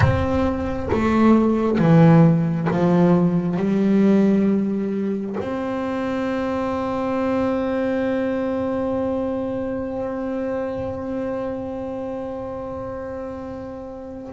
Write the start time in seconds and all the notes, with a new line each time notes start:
0.00 C4
0.92 A3
1.78 E3
2.70 F3
3.57 G3
5.40 C4